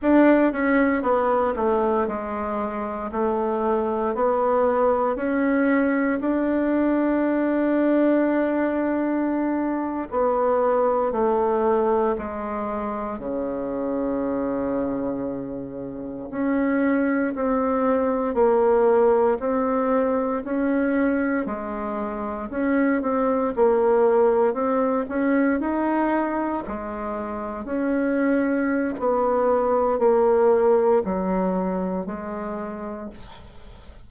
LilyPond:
\new Staff \with { instrumentName = "bassoon" } { \time 4/4 \tempo 4 = 58 d'8 cis'8 b8 a8 gis4 a4 | b4 cis'4 d'2~ | d'4.~ d'16 b4 a4 gis16~ | gis8. cis2. cis'16~ |
cis'8. c'4 ais4 c'4 cis'16~ | cis'8. gis4 cis'8 c'8 ais4 c'16~ | c'16 cis'8 dis'4 gis4 cis'4~ cis'16 | b4 ais4 fis4 gis4 | }